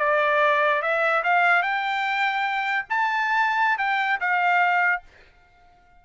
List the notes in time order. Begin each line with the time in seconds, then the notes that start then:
0.00 D5
0.82 E5
1.24 F5
1.63 G5
2.90 A5
3.78 G5
4.21 F5